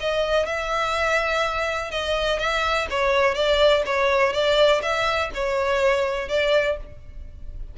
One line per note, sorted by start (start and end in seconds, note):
0.00 0.46 D#5
0.46 1.91 E5
1.91 2.39 D#5
2.39 2.87 E5
2.90 3.34 C#5
3.34 3.83 D5
3.86 4.33 C#5
4.33 4.81 D5
4.82 5.30 E5
5.34 6.29 C#5
6.29 6.77 D5